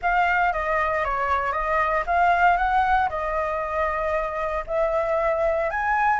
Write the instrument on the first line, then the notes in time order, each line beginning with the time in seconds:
flute
0.01 F5
0.52 D#5
1.04 C#5
1.52 D#5
2.06 F5
2.57 F#5
3.09 D#5
4.66 E5
5.70 G#5